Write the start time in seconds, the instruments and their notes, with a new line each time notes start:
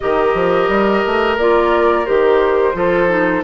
0.00 bassoon D#3, clarinet G4, oboe A#4, flute D#5
0.34 bassoon F3
0.68 bassoon G3
1.05 bassoon A3
1.37 bassoon A#3, clarinet F4, flute D5
2.05 bassoon D#3, clarinet G4, flute C5
2.73 bassoon F3, clarinet F4, oboe A4
3.07 clarinet D#4